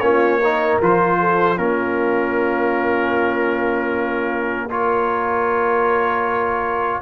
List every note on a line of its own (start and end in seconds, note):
0.00 0.79 A#3
0.00 0.41 C#4
0.00 0.39 F4
0.00 0.78 C#5
0.39 0.82 D#4
0.39 1.17 A#4
0.81 1.58 F3
0.81 1.58 F4
0.81 1.58 C5
1.20 1.57 A4
1.57 7.02 A#3
1.57 4.69 C#4
1.57 4.68 F4
1.57 4.70 A#4
4.70 7.02 F4
4.70 7.02 A#4
4.70 7.02 C#5